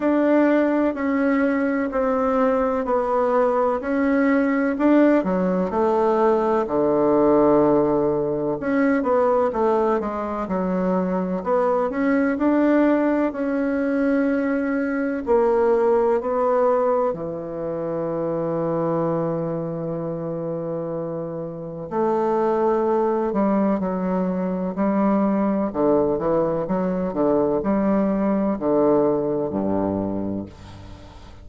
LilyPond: \new Staff \with { instrumentName = "bassoon" } { \time 4/4 \tempo 4 = 63 d'4 cis'4 c'4 b4 | cis'4 d'8 fis8 a4 d4~ | d4 cis'8 b8 a8 gis8 fis4 | b8 cis'8 d'4 cis'2 |
ais4 b4 e2~ | e2. a4~ | a8 g8 fis4 g4 d8 e8 | fis8 d8 g4 d4 g,4 | }